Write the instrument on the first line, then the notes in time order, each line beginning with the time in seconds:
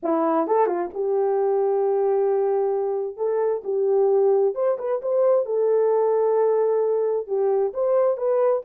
horn
0.02 E4
0.47 A4
0.66 F4
0.93 G4
3.17 A4
3.64 G4
4.55 C5
4.78 B4
5.02 C5
5.45 A4
7.27 G4
7.73 C5
8.17 B4